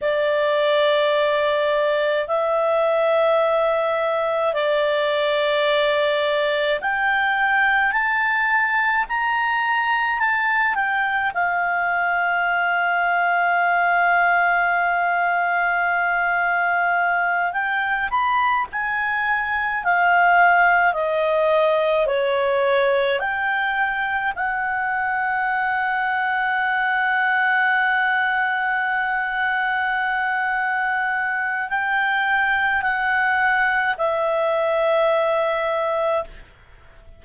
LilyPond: \new Staff \with { instrumentName = "clarinet" } { \time 4/4 \tempo 4 = 53 d''2 e''2 | d''2 g''4 a''4 | ais''4 a''8 g''8 f''2~ | f''2.~ f''8 g''8 |
b''8 gis''4 f''4 dis''4 cis''8~ | cis''8 g''4 fis''2~ fis''8~ | fis''1 | g''4 fis''4 e''2 | }